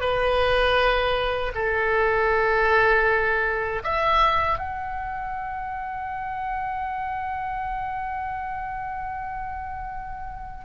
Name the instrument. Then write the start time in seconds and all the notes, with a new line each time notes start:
oboe
0.00 B4
1.55 A4
3.84 E5
4.58 F#5